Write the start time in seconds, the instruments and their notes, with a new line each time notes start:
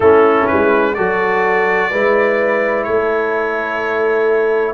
0.00 tuba A3, trombone C#4, horn E4, trumpet A4
0.46 trumpet B4
0.52 tuba G#3
0.94 tuba F#3, trombone F#4, horn A4, trumpet D5
1.90 tuba G#3, trombone E4, horn B4
2.83 tuba A3, horn A4, trumpet C#5